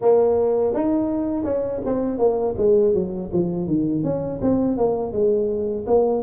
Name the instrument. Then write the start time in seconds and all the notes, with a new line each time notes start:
tuba
0.01 A#3
0.74 D#4
1.44 C#4
1.85 C4
2.18 A#3
2.57 G#3
2.94 F#3
3.33 F3
3.67 D#3
4.03 C#4
4.41 C4
4.77 A#3
5.12 G#3
5.86 A#3